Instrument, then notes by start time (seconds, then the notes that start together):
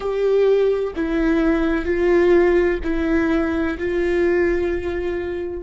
viola
0.00 G4
0.95 E4
1.85 F4
2.83 E4
3.78 F4